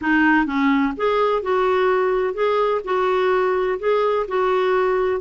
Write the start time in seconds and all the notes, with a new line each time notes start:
0.01 D#4
0.46 C#4
0.97 G#4
1.42 F#4
2.34 G#4
2.84 F#4
3.79 G#4
4.28 F#4